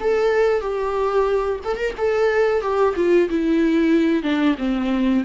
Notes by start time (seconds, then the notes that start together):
0.00 A4
0.61 G4
1.64 A4
1.77 A#4
1.97 A4
2.61 G4
2.96 F4
3.29 E4
4.23 D4
4.58 C4